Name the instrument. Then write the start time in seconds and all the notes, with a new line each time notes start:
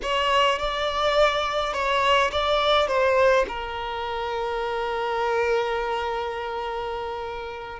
violin
0.02 C#5
0.58 D5
1.73 C#5
2.31 D5
2.87 C5
3.48 A#4